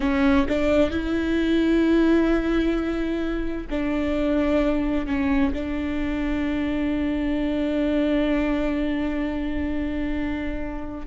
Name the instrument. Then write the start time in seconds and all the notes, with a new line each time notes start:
viola
0.00 C#4
0.48 D4
0.90 E4
3.69 D4
5.06 C#4
5.53 D4